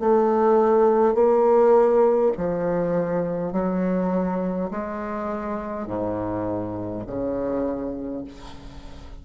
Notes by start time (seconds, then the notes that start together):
0.00 A3
1.15 A#3
2.38 F3
3.53 F#3
4.71 G#3
5.87 G#2
7.07 C#3